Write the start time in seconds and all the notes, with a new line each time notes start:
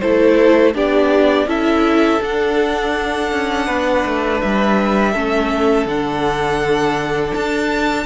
0.00 A3 E4 A4 C5
0.74 B3 D4 G4 D5
1.46 C#4 E4 A4 E5
2.21 D4 F#5
3.32 C#4
3.66 B3 B4
4.06 A3
4.41 G3 E5
5.12 A3 C#4 A4
5.86 D3 D4 F#5
7.34 D4 A5